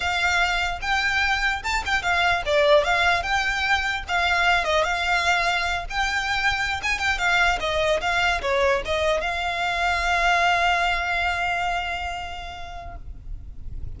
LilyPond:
\new Staff \with { instrumentName = "violin" } { \time 4/4 \tempo 4 = 148 f''2 g''2 | a''8 g''8 f''4 d''4 f''4 | g''2 f''4. dis''8 | f''2~ f''8 g''4.~ |
g''8. gis''8 g''8 f''4 dis''4 f''16~ | f''8. cis''4 dis''4 f''4~ f''16~ | f''1~ | f''1 | }